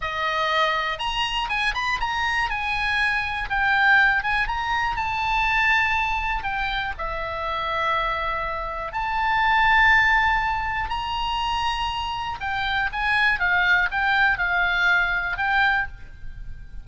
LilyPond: \new Staff \with { instrumentName = "oboe" } { \time 4/4 \tempo 4 = 121 dis''2 ais''4 gis''8 b''8 | ais''4 gis''2 g''4~ | g''8 gis''8 ais''4 a''2~ | a''4 g''4 e''2~ |
e''2 a''2~ | a''2 ais''2~ | ais''4 g''4 gis''4 f''4 | g''4 f''2 g''4 | }